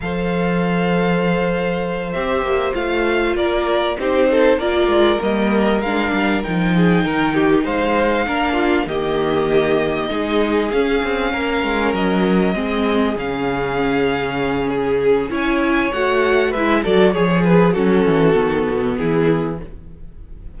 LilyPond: <<
  \new Staff \with { instrumentName = "violin" } { \time 4/4 \tempo 4 = 98 f''2.~ f''8 e''8~ | e''8 f''4 d''4 c''4 d''8~ | d''8 dis''4 f''4 g''4.~ | g''8 f''2 dis''4.~ |
dis''4. f''2 dis''8~ | dis''4. f''2~ f''8 | gis'4 gis''4 fis''4 e''8 d''8 | cis''8 b'8 a'2 gis'4 | }
  \new Staff \with { instrumentName = "violin" } { \time 4/4 c''1~ | c''4. ais'4 g'8 a'8 ais'8~ | ais'2. gis'8 ais'8 | g'8 c''4 ais'8 f'8 g'4.~ |
g'8 gis'2 ais'4.~ | ais'8 gis'2.~ gis'8~ | gis'4 cis''2 b'8 a'8 | gis'4 fis'2 e'4 | }
  \new Staff \with { instrumentName = "viola" } { \time 4/4 a'2.~ a'8 g'8~ | g'8 f'2 dis'4 f'8~ | f'8 ais4 d'4 dis'4.~ | dis'4. d'4 ais4.~ |
ais8 dis'4 cis'2~ cis'8~ | cis'8 c'4 cis'2~ cis'8~ | cis'4 e'4 fis'4 e'8 fis'8 | gis'4 cis'4 b2 | }
  \new Staff \with { instrumentName = "cello" } { \time 4/4 f2.~ f8 c'8 | ais8 a4 ais4 c'4 ais8 | gis8 g4 gis8 g8 f4 dis8~ | dis8 gis4 ais4 dis4.~ |
dis8 gis4 cis'8 c'8 ais8 gis8 fis8~ | fis8 gis4 cis2~ cis8~ | cis4 cis'4 a4 gis8 fis8 | f4 fis8 e8 dis8 b,8 e4 | }
>>